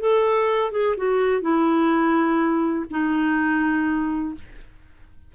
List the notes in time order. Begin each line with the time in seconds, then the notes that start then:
0.00 A4
0.72 G#4
0.97 F#4
1.42 E4
2.91 D#4